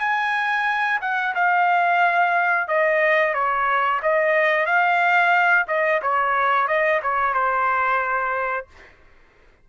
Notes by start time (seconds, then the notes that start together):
0.00 G#5
1.01 F#5
1.35 F5
2.68 D#5
3.34 C#5
4.03 D#5
4.66 F5
5.68 D#5
6.02 C#5
6.68 D#5
7.02 C#5
7.34 C5